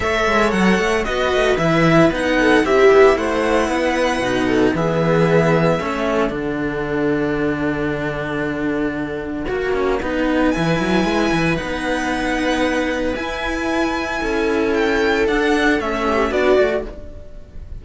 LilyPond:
<<
  \new Staff \with { instrumentName = "violin" } { \time 4/4 \tempo 4 = 114 e''4 fis''4 dis''4 e''4 | fis''4 e''4 fis''2~ | fis''4 e''2. | fis''1~ |
fis''1 | gis''2 fis''2~ | fis''4 gis''2. | g''4 fis''4 e''4 d''4 | }
  \new Staff \with { instrumentName = "viola" } { \time 4/4 cis''2 b'2~ | b'8 a'8 g'4 c''4 b'4~ | b'8 a'8 gis'2 a'4~ | a'1~ |
a'2 fis'4 b'4~ | b'1~ | b'2. a'4~ | a'2~ a'8 g'8 fis'4 | }
  \new Staff \with { instrumentName = "cello" } { \time 4/4 a'2 fis'4 e'4 | dis'4 e'2. | dis'4 b2 cis'4 | d'1~ |
d'2 fis'8 cis'8 dis'4 | e'2 dis'2~ | dis'4 e'2.~ | e'4 d'4 cis'4 d'8 fis'8 | }
  \new Staff \with { instrumentName = "cello" } { \time 4/4 a8 gis8 fis8 a8 b8 a8 e4 | b4 c'8 b8 a4 b4 | b,4 e2 a4 | d1~ |
d2 ais4 b4 | e8 fis8 gis8 e8 b2~ | b4 e'2 cis'4~ | cis'4 d'4 a4 b8 a8 | }
>>